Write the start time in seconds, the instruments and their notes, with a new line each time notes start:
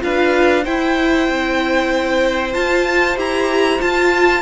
0.00 cello D4, viola F4, violin B4 F5
0.63 viola E4, cello E4, violin C5 G5
1.28 cello C4
2.53 viola F4, cello F4, violin A5
3.16 cello E4, viola G4, violin A#5
3.79 viola F4, cello F4, violin A5